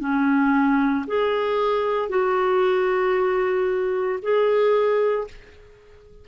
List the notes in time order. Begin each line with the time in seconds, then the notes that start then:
0.00 C#4
1.07 G#4
2.09 F#4
4.22 G#4